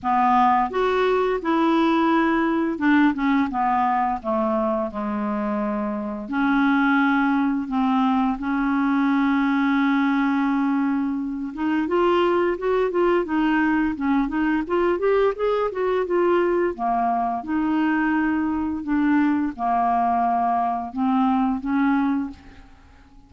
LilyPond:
\new Staff \with { instrumentName = "clarinet" } { \time 4/4 \tempo 4 = 86 b4 fis'4 e'2 | d'8 cis'8 b4 a4 gis4~ | gis4 cis'2 c'4 | cis'1~ |
cis'8 dis'8 f'4 fis'8 f'8 dis'4 | cis'8 dis'8 f'8 g'8 gis'8 fis'8 f'4 | ais4 dis'2 d'4 | ais2 c'4 cis'4 | }